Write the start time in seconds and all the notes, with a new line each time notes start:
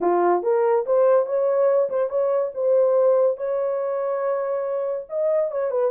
0.00 F4
0.42 A#4
0.86 C5
1.26 C#5
1.89 C5
2.09 C#5
2.54 C5
3.37 C#5
5.09 D#5
5.51 C#5
5.70 B4